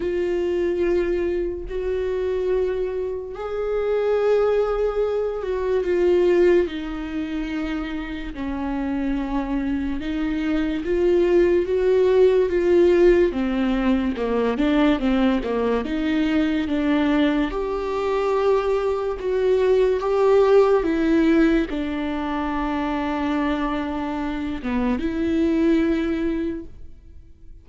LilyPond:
\new Staff \with { instrumentName = "viola" } { \time 4/4 \tempo 4 = 72 f'2 fis'2 | gis'2~ gis'8 fis'8 f'4 | dis'2 cis'2 | dis'4 f'4 fis'4 f'4 |
c'4 ais8 d'8 c'8 ais8 dis'4 | d'4 g'2 fis'4 | g'4 e'4 d'2~ | d'4. b8 e'2 | }